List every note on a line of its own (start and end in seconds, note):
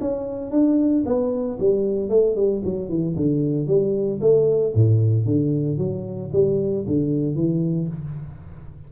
0.00 0.51 C#4
0.51 1.03 D4
1.05 1.58 B3
1.59 2.09 G3
2.09 2.35 A3
2.35 2.61 G3
2.64 2.89 F#3
2.89 3.15 E3
3.16 3.67 D3
3.67 4.19 G3
4.21 4.73 A3
4.74 5.25 A2
5.25 5.78 D3
5.78 6.30 F#3
6.32 6.85 G3
6.87 7.35 D3
7.35 7.88 E3